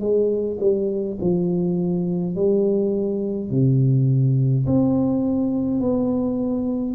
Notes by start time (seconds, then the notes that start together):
0.00 G#3
0.60 G3
1.21 F3
2.35 G3
3.50 C3
4.66 C4
5.80 B3